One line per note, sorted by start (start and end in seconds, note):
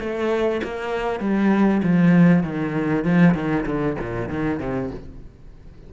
0.00 0.61 A3
0.64 1.20 A#3
1.20 1.81 G3
1.83 2.43 F3
2.43 3.04 D#3
3.04 3.35 F3
3.35 3.65 D#3
3.66 3.96 D3
4.00 4.29 A#2
4.29 4.59 D#3
4.59 4.90 C3